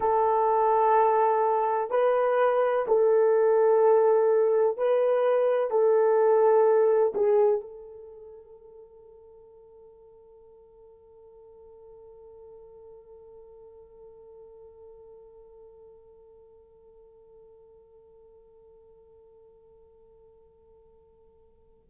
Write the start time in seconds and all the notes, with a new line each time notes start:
0.00 A4
1.90 B4
2.87 A4
4.77 B4
5.70 A4
7.14 G#4
7.61 A4